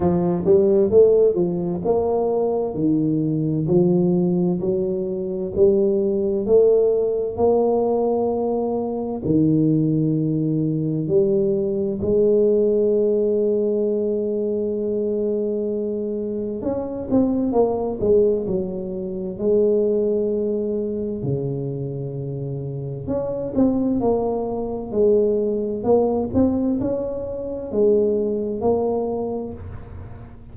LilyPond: \new Staff \with { instrumentName = "tuba" } { \time 4/4 \tempo 4 = 65 f8 g8 a8 f8 ais4 dis4 | f4 fis4 g4 a4 | ais2 dis2 | g4 gis2.~ |
gis2 cis'8 c'8 ais8 gis8 | fis4 gis2 cis4~ | cis4 cis'8 c'8 ais4 gis4 | ais8 c'8 cis'4 gis4 ais4 | }